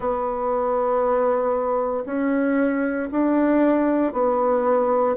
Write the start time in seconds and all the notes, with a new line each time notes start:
0.00 B3
2.05 C#4
3.11 D4
4.12 B3